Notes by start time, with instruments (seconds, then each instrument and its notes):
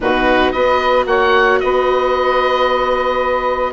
0.00 bassoon B2, viola D#4, saxophone F#4, oboe B4
0.52 bassoon B3, viola F#4, saxophone B4, oboe D#5
1.06 bassoon A#3, saxophone C#5, oboe F#5
1.59 bassoon B3, saxophone B4, oboe D#5